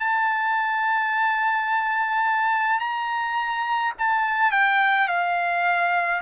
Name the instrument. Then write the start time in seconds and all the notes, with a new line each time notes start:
trumpet
0.00 A5
2.80 A#5
3.99 A5
4.52 G5
5.08 F5